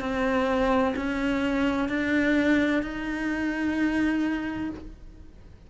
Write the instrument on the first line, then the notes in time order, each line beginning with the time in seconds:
cello
0.00 C4
0.96 C#4
1.88 D4
2.83 D#4